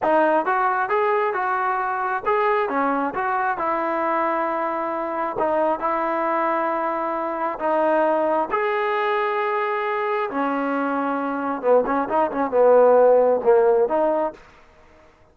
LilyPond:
\new Staff \with { instrumentName = "trombone" } { \time 4/4 \tempo 4 = 134 dis'4 fis'4 gis'4 fis'4~ | fis'4 gis'4 cis'4 fis'4 | e'1 | dis'4 e'2.~ |
e'4 dis'2 gis'4~ | gis'2. cis'4~ | cis'2 b8 cis'8 dis'8 cis'8 | b2 ais4 dis'4 | }